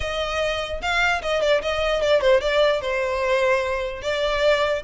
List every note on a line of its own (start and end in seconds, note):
0.00 0.81 D#5
0.81 1.21 F5
1.22 1.41 D#5
1.41 1.61 D5
1.61 2.01 D#5
2.01 2.21 D5
2.21 2.41 C5
2.41 2.81 D5
2.81 4.01 C5
4.02 4.82 D5